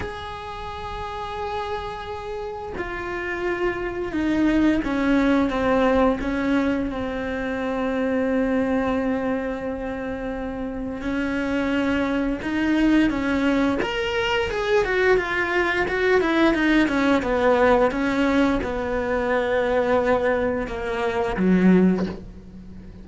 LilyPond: \new Staff \with { instrumentName = "cello" } { \time 4/4 \tempo 4 = 87 gis'1 | f'2 dis'4 cis'4 | c'4 cis'4 c'2~ | c'1 |
cis'2 dis'4 cis'4 | ais'4 gis'8 fis'8 f'4 fis'8 e'8 | dis'8 cis'8 b4 cis'4 b4~ | b2 ais4 fis4 | }